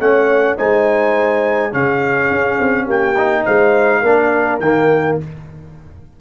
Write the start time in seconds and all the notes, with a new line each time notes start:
0.00 A3 C#4 C#5 F#5
0.57 G#3 D#4 C5 G#5
1.72 C#3 C#4 G#4 F5
2.31 C#4
2.60 C4
2.86 A#3 G4 G5
3.18 D#4
3.45 G#3 C5 F5
4.02 A#3 D4 A#4
4.60 D#3 A#3 G5